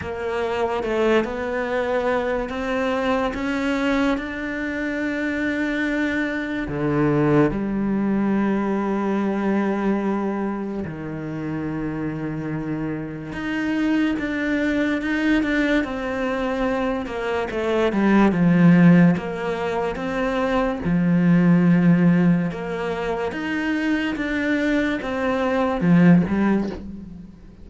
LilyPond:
\new Staff \with { instrumentName = "cello" } { \time 4/4 \tempo 4 = 72 ais4 a8 b4. c'4 | cis'4 d'2. | d4 g2.~ | g4 dis2. |
dis'4 d'4 dis'8 d'8 c'4~ | c'8 ais8 a8 g8 f4 ais4 | c'4 f2 ais4 | dis'4 d'4 c'4 f8 g8 | }